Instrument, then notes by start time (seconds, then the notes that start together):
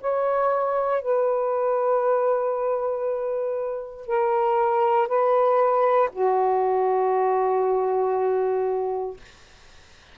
saxophone
0.00 C#5
1.02 B4
4.06 A#4
5.08 B4
6.12 F#4